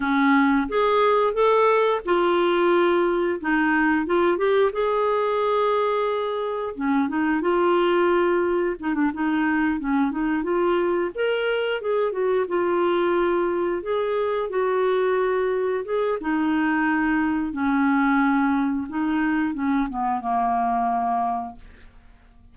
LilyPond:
\new Staff \with { instrumentName = "clarinet" } { \time 4/4 \tempo 4 = 89 cis'4 gis'4 a'4 f'4~ | f'4 dis'4 f'8 g'8 gis'4~ | gis'2 cis'8 dis'8 f'4~ | f'4 dis'16 d'16 dis'4 cis'8 dis'8 f'8~ |
f'8 ais'4 gis'8 fis'8 f'4.~ | f'8 gis'4 fis'2 gis'8 | dis'2 cis'2 | dis'4 cis'8 b8 ais2 | }